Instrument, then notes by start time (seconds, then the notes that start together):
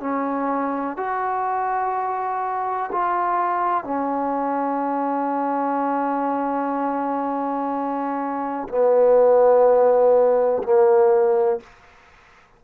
trombone
0.00 C#4
0.97 F#4
2.92 F4
3.84 C#4
8.69 B3
10.64 A#3